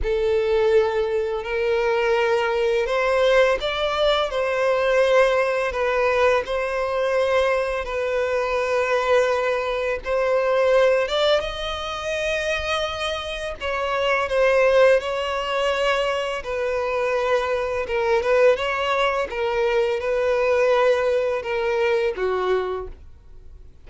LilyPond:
\new Staff \with { instrumentName = "violin" } { \time 4/4 \tempo 4 = 84 a'2 ais'2 | c''4 d''4 c''2 | b'4 c''2 b'4~ | b'2 c''4. d''8 |
dis''2. cis''4 | c''4 cis''2 b'4~ | b'4 ais'8 b'8 cis''4 ais'4 | b'2 ais'4 fis'4 | }